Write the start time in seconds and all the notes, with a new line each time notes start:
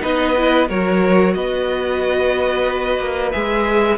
0.00 B3 D#4 B4 D#5
0.37 E4
0.68 F#3 F#4 A#4 C#5
1.34 B3 B4 D#5
2.98 A#3
3.31 G#3 G#4 E5